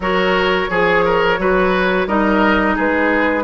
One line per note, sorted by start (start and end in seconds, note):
0.00 0.66 F#3
0.00 0.70 F#4
0.00 0.70 A#4
0.00 2.07 C#5
0.70 1.38 F3
0.70 1.04 G#4
0.70 1.38 G#4
1.05 1.39 A#4
1.38 2.07 F#3
1.38 2.07 F#4
1.38 2.07 B4
2.07 2.76 G3
2.07 3.43 D#4
2.07 2.75 A#4
2.07 2.76 D#5
2.75 3.43 G#3
2.75 3.43 G#4
2.75 3.43 B4